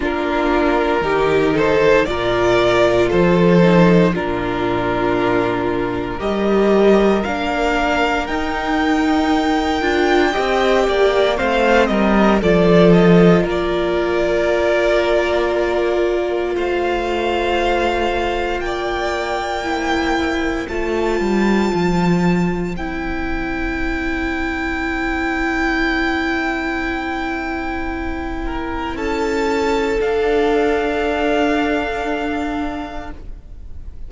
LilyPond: <<
  \new Staff \with { instrumentName = "violin" } { \time 4/4 \tempo 4 = 58 ais'4. c''8 d''4 c''4 | ais'2 dis''4 f''4 | g''2. f''8 dis''8 | d''8 dis''8 d''2. |
f''2 g''2 | a''2 g''2~ | g''1 | a''4 f''2. | }
  \new Staff \with { instrumentName = "violin" } { \time 4/4 f'4 g'8 a'8 ais'4 a'4 | f'2 ais'2~ | ais'2 dis''8 d''8 c''8 ais'8 | a'4 ais'2. |
c''2 d''4 c''4~ | c''1~ | c''2.~ c''8 ais'8 | a'1 | }
  \new Staff \with { instrumentName = "viola" } { \time 4/4 d'4 dis'4 f'4. dis'8 | d'2 g'4 d'4 | dis'4. f'8 g'4 c'4 | f'1~ |
f'2. e'4 | f'2 e'2~ | e'1~ | e'4 d'2. | }
  \new Staff \with { instrumentName = "cello" } { \time 4/4 ais4 dis4 ais,4 f4 | ais,2 g4 ais4 | dis'4. d'8 c'8 ais8 a8 g8 | f4 ais2. |
a2 ais2 | a8 g8 f4 c'2~ | c'1 | cis'4 d'2. | }
>>